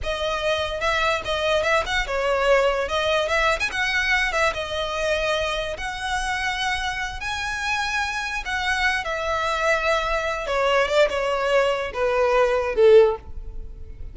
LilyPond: \new Staff \with { instrumentName = "violin" } { \time 4/4 \tempo 4 = 146 dis''2 e''4 dis''4 | e''8 fis''8 cis''2 dis''4 | e''8. gis''16 fis''4. e''8 dis''4~ | dis''2 fis''2~ |
fis''4. gis''2~ gis''8~ | gis''8 fis''4. e''2~ | e''4. cis''4 d''8 cis''4~ | cis''4 b'2 a'4 | }